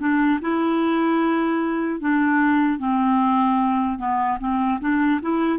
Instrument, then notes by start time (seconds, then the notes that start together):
clarinet
0.00 D4
0.41 E4
2.01 D4
2.79 C4
3.99 B3
4.40 C4
4.81 D4
5.22 E4